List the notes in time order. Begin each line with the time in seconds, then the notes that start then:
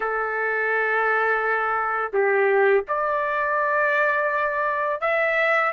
0.00 A4
2.12 G4
2.88 D5
5.01 E5